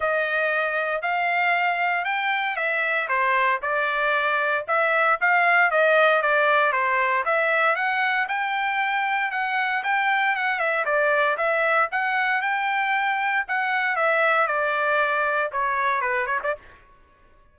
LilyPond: \new Staff \with { instrumentName = "trumpet" } { \time 4/4 \tempo 4 = 116 dis''2 f''2 | g''4 e''4 c''4 d''4~ | d''4 e''4 f''4 dis''4 | d''4 c''4 e''4 fis''4 |
g''2 fis''4 g''4 | fis''8 e''8 d''4 e''4 fis''4 | g''2 fis''4 e''4 | d''2 cis''4 b'8 cis''16 d''16 | }